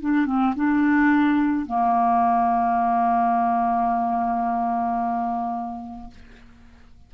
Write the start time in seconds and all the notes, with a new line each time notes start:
0.00 D4
0.26 C4
0.55 D4
1.66 A#3